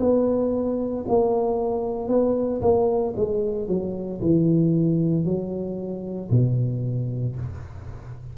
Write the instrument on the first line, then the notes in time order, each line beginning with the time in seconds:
tuba
0.00 B3
1.09 A#3
2.09 B3
2.62 A#3
3.17 G#3
3.68 F#3
4.22 E3
5.25 F#3
6.31 B2